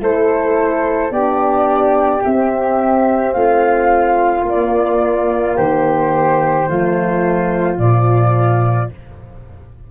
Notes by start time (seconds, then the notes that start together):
0.00 A3 E4 A4 C5
1.11 B3 D4 G4 D5
2.24 C4 E5
3.33 A3 F4 F5
4.43 A#3
4.49 D5
5.57 D#3 G4 C5
6.66 F3 A3 F4
7.78 A#2 F3 D5